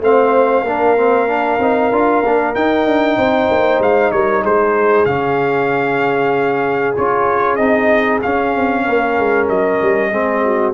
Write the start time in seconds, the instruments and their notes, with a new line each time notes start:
0.00 tuba A3, trombone C4, horn C5, trumpet F5
0.64 tuba A#3, trombone D4, horn A#4
0.97 trombone C4
1.28 trombone D4
1.59 tuba C4, trombone D#4
1.92 tuba D4, trombone F4
2.23 tuba A#3, trombone D4
2.55 trombone D#4, tuba D#4, trumpet G5
2.86 tuba D4
3.18 tuba C4, horn C5
3.51 tuba A#3
3.80 tuba G#3, trumpet F5
4.12 tuba G3, horn A#4, trumpet C#5
4.42 tuba G#3, horn G#4, trumpet C5
5.06 tuba C#3, trombone C#4, trumpet F5
6.97 tuba C#4, trombone F4, trumpet C#5
7.56 tuba C4, trombone D#4, trumpet D#5
8.22 tuba C#4, trombone C#4, trumpet F5
8.56 tuba C4
8.85 tuba A#3, horn A#4
9.19 tuba G#3
9.49 tuba F#3, trumpet D#5
9.82 tuba G3
10.11 tuba G#3, trombone C4, horn G#4
10.45 horn F#4